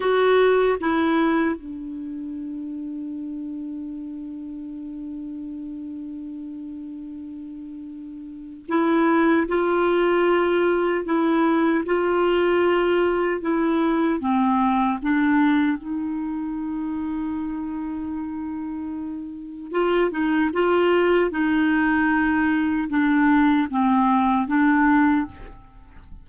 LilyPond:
\new Staff \with { instrumentName = "clarinet" } { \time 4/4 \tempo 4 = 76 fis'4 e'4 d'2~ | d'1~ | d'2. e'4 | f'2 e'4 f'4~ |
f'4 e'4 c'4 d'4 | dis'1~ | dis'4 f'8 dis'8 f'4 dis'4~ | dis'4 d'4 c'4 d'4 | }